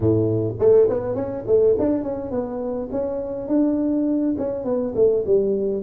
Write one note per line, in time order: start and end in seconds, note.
0.00 0.55 A2
0.59 0.88 A3
0.89 1.15 B3
1.15 1.44 C#4
1.46 1.76 A3
1.78 2.03 D4
2.03 2.30 C#4
2.30 2.88 B3
2.91 3.48 C#4
3.48 4.35 D4
4.38 4.64 C#4
4.64 4.93 B3
4.95 5.24 A3
5.26 5.83 G3